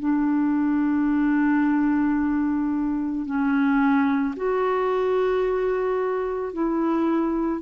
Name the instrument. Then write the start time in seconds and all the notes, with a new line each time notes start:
clarinet
0.00 D4
3.26 C#4
4.36 F#4
6.54 E4